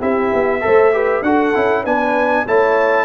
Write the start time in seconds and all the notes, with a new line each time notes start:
0.00 C4 E4 G4 E5
0.33 B3
0.61 A3 A4 C5
0.93 G4 B4
1.22 D4 F#4 A4 F#5
1.54 C#4 E4
1.83 B3 D4 B4 G#5
2.46 A3 E4 C#5 A5